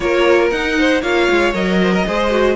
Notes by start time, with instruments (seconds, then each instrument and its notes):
0.00 cello A#3, viola F4, violin A#4 C#5
0.50 cello D#4, viola D#4, violin F#5
0.78 violin C5
1.01 cello A#3, viola F4, violin C#5 F5
1.30 cello G#3
1.53 cello F#3, viola A#4, violin D#5
1.81 violin C5
1.93 violin A#4
2.06 cello G#3, viola G#4, violin C5
2.30 viola F#4